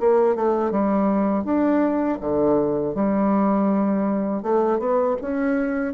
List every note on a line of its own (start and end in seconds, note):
0.00 0.36 A#3
0.36 0.71 A3
0.71 1.44 G3
1.44 2.19 D4
2.21 2.95 D3
2.95 4.43 G3
4.43 4.79 A3
4.79 5.16 B3
5.22 5.94 C#4